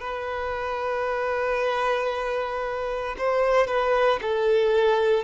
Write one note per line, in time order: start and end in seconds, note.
0.00 3.16 B4
3.18 3.67 C5
3.67 4.19 B4
4.21 5.23 A4